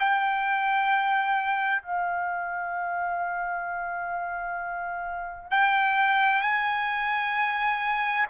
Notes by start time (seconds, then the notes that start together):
0.00 G5
1.83 F5
5.51 G5
6.42 G#5